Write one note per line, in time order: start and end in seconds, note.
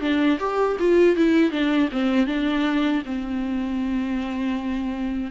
0.00 0.38 D4
0.39 0.77 G4
0.79 1.16 F4
1.16 1.51 E4
1.51 1.88 D4
1.91 2.26 C4
2.26 3.02 D4
3.05 5.31 C4